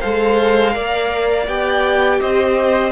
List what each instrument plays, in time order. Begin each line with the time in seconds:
0.00 cello G#3, viola A4, violin C5 F5
0.72 cello A#3, viola A#4, violin D5
1.47 cello B3, viola G4, violin G5
2.20 cello C4, violin C5 D#5